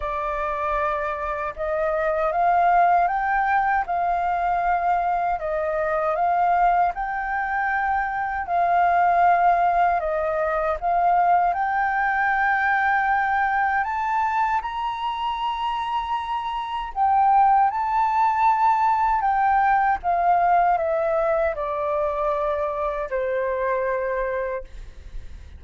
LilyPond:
\new Staff \with { instrumentName = "flute" } { \time 4/4 \tempo 4 = 78 d''2 dis''4 f''4 | g''4 f''2 dis''4 | f''4 g''2 f''4~ | f''4 dis''4 f''4 g''4~ |
g''2 a''4 ais''4~ | ais''2 g''4 a''4~ | a''4 g''4 f''4 e''4 | d''2 c''2 | }